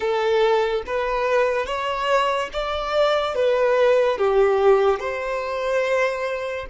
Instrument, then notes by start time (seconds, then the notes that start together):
violin
0.00 A4
0.86 B4
1.66 C#5
2.52 D5
3.34 B4
4.18 G4
4.99 C5